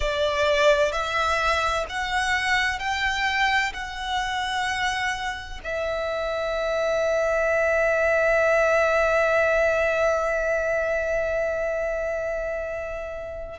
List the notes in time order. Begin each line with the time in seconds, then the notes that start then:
0.00 D5
0.92 E5
1.89 F#5
2.79 G5
3.73 F#5
5.63 E5